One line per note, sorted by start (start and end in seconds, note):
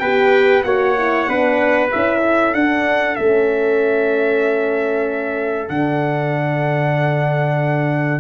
0.00 0.64 B3
0.00 0.65 G4
0.00 0.65 B4
0.00 0.63 G5
0.64 1.28 A#3
0.64 0.96 F#4
0.64 1.29 C#5
0.64 1.90 F#5
0.98 1.28 E4
1.28 1.92 B3
1.28 1.91 D4
1.28 2.20 B4
1.92 2.54 C#4
1.92 2.56 E4
1.92 2.54 E5
2.20 8.20 A4
2.54 3.17 D4
2.54 3.18 D4
2.54 3.16 F#5
3.16 5.70 A3
3.16 5.70 C#4
3.16 5.69 E5
5.69 8.20 D3
5.69 8.20 D4
5.69 8.20 F#5